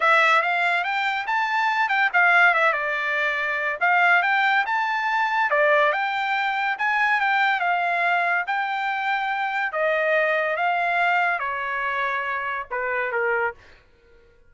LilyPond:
\new Staff \with { instrumentName = "trumpet" } { \time 4/4 \tempo 4 = 142 e''4 f''4 g''4 a''4~ | a''8 g''8 f''4 e''8 d''4.~ | d''4 f''4 g''4 a''4~ | a''4 d''4 g''2 |
gis''4 g''4 f''2 | g''2. dis''4~ | dis''4 f''2 cis''4~ | cis''2 b'4 ais'4 | }